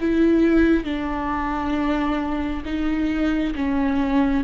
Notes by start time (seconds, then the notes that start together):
0.00 E4
0.84 D4
2.65 D#4
3.55 C#4